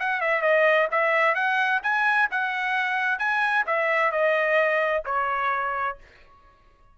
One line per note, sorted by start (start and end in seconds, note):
0.00 0.21 F#5
0.21 0.42 E5
0.42 0.88 D#5
0.91 1.35 E5
1.35 1.81 F#5
1.83 2.30 G#5
2.31 3.19 F#5
3.19 3.65 G#5
3.67 4.12 E5
4.12 5.04 D#5
5.05 5.98 C#5